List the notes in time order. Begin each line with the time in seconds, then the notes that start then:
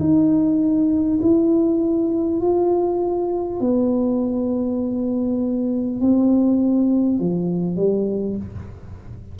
0.00 D#4
1.22 E4
2.41 F4
3.60 B3
6.00 C4
7.19 F3
7.76 G3